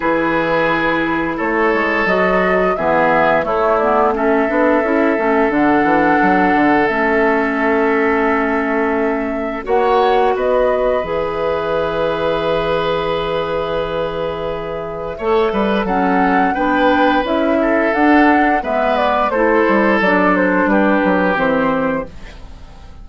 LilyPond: <<
  \new Staff \with { instrumentName = "flute" } { \time 4/4 \tempo 4 = 87 b'2 cis''4 dis''4 | e''4 cis''8 d''8 e''2 | fis''2 e''2~ | e''2 fis''4 dis''4 |
e''1~ | e''2. fis''4 | g''4 e''4 fis''4 e''8 d''8 | c''4 d''8 c''8 b'4 c''4 | }
  \new Staff \with { instrumentName = "oboe" } { \time 4/4 gis'2 a'2 | gis'4 e'4 a'2~ | a'1~ | a'2 cis''4 b'4~ |
b'1~ | b'2 cis''8 b'8 a'4 | b'4. a'4. b'4 | a'2 g'2 | }
  \new Staff \with { instrumentName = "clarinet" } { \time 4/4 e'2. fis'4 | b4 a8 b8 cis'8 d'8 e'8 cis'8 | d'2 cis'2~ | cis'2 fis'2 |
gis'1~ | gis'2 a'4 cis'4 | d'4 e'4 d'4 b4 | e'4 d'2 c'4 | }
  \new Staff \with { instrumentName = "bassoon" } { \time 4/4 e2 a8 gis8 fis4 | e4 a4. b8 cis'8 a8 | d8 e8 fis8 d8 a2~ | a2 ais4 b4 |
e1~ | e2 a8 g8 fis4 | b4 cis'4 d'4 gis4 | a8 g8 fis4 g8 fis8 e4 | }
>>